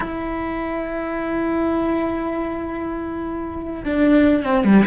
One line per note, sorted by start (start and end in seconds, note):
0.00 3.83 E4
3.84 4.43 D4
4.43 4.63 C4
4.63 4.84 G3